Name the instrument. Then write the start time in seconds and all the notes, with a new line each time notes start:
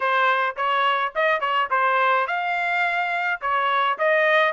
trumpet
0.00 C5
0.56 C#5
1.15 D#5
1.40 C#5
1.70 C5
2.27 F5
3.41 C#5
3.98 D#5